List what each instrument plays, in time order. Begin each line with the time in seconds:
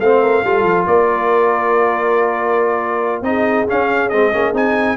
0.00 tuba A3, trombone C4, horn C5, trumpet F5
0.22 horn A#4
0.44 tuba G3, trombone F4, horn A4
0.63 tuba F3
0.86 tuba A#3, horn A#4, trumpet D5
3.22 tuba C4, trombone D#4, horn G#4, trumpet D#5
3.68 trombone C#4, tuba C#4, trumpet F5
4.09 tuba G#3, trombone C4, trumpet D#5
4.32 tuba A#3, trombone C#4
4.53 tuba C4, trombone D#4, trumpet G#5